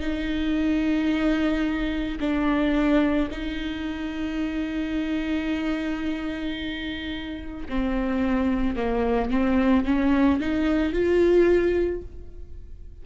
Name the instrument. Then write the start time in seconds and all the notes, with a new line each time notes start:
viola
0.00 D#4
2.20 D4
3.30 D#4
7.69 C4
8.76 A#3
9.30 C4
9.85 C#4
10.40 D#4
10.92 F4